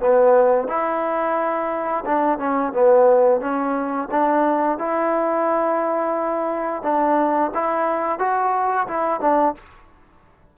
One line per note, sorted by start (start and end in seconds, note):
0.00 0.68 B3
0.68 2.04 E4
2.06 2.39 D4
2.39 2.73 C#4
2.73 3.41 B3
3.41 4.09 C#4
4.12 4.78 D4
4.78 6.83 E4
6.83 7.51 D4
7.54 8.19 E4
8.19 8.87 F#4
8.88 9.21 E4
9.21 9.55 D4